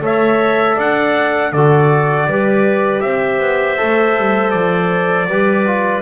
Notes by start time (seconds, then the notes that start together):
0.00 A3 A4 C#5 E5
0.75 D4 D5 F#5
1.52 D3 F#4 A4 D5
2.26 G3 G4 B4
3.00 C4 C5 E5
3.39 B3
3.77 A3 A4
4.17 G3
4.50 F3 D5
5.27 G3 G4 B4
5.66 F4